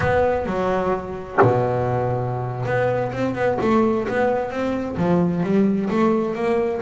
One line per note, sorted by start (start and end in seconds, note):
0.00 0.46 B3
0.46 1.38 F#3
1.41 2.65 B2
2.65 3.11 B3
3.12 3.34 C4
3.34 3.57 B3
3.61 4.07 A3
4.08 4.50 B3
4.50 4.96 C4
4.97 5.43 F3
5.43 5.89 G3
5.90 6.35 A3
6.35 6.81 A#3